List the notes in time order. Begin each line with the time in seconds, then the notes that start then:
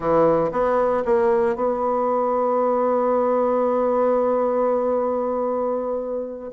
0.00 E3
0.51 B3
1.05 A#3
1.55 B3